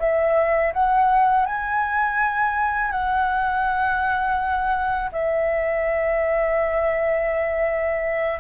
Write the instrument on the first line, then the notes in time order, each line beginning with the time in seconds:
flute
0.00 E5
0.74 F#5
1.46 G#5
2.91 F#5
5.12 E5